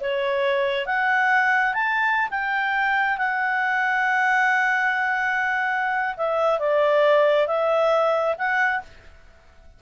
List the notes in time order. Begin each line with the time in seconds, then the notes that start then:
0.00 C#5
0.86 F#5
1.73 A5
2.30 G5
3.17 F#5
6.16 E5
6.59 D5
7.47 E5
8.38 F#5